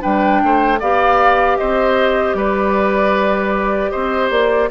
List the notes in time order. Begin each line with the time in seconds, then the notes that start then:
0.00 G3 D4 B4 G5
0.43 A3 C5
0.79 B3 G4 D5 F5
1.57 C4 C5 D#5
2.34 G3 B4 D5
3.90 C4 C5 D#5
4.30 A#3 D5